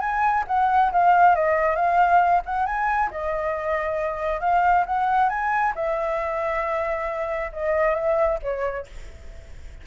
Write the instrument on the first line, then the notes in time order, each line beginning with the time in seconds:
flute
0.00 G#5
0.47 F#5
0.92 F5
1.35 D#5
1.75 F5
2.46 F#5
2.66 G#5
3.11 D#5
4.41 F5
4.86 F#5
5.29 G#5
5.75 E5
7.52 D#5
7.95 E5
8.42 C#5